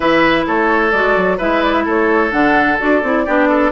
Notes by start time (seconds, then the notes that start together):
0.00 E3 E4 B4 E5
0.46 A3 A4 C#5
0.91 G#3 F#4 D5
1.16 F#3
1.37 G#3 E4 B4 E5
1.63 D5
1.73 E5
1.85 A3 A4 C#5
2.31 D3 D4 F#5
2.78 D4 F#4 D5
3.03 C4 E4
3.25 B3 D4 G4
3.48 A4